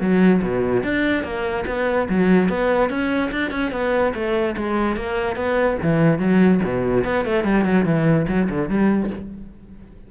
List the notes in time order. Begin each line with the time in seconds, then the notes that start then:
0.00 F#3
0.42 B2
0.83 D4
1.23 A#3
1.66 B3
2.09 F#3
2.48 B3
2.89 C#4
3.31 D4
3.51 C#4
3.71 B3
4.14 A3
4.56 G#3
4.96 A#3
5.35 B3
5.82 E3
6.18 F#3
6.64 B2
7.04 B3
7.25 A3
7.44 G3
7.64 F#3
7.85 E3
8.28 F#3
8.49 D3
8.68 G3